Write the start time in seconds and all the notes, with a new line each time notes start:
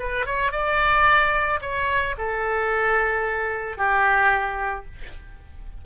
0.00 B4
0.26 C#5
0.52 D5
1.62 C#5
2.18 A4
3.78 G4